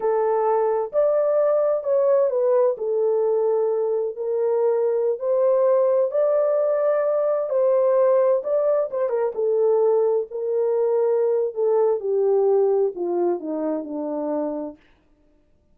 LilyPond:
\new Staff \with { instrumentName = "horn" } { \time 4/4 \tempo 4 = 130 a'2 d''2 | cis''4 b'4 a'2~ | a'4 ais'2~ ais'16 c''8.~ | c''4~ c''16 d''2~ d''8.~ |
d''16 c''2 d''4 c''8 ais'16~ | ais'16 a'2 ais'4.~ ais'16~ | ais'4 a'4 g'2 | f'4 dis'4 d'2 | }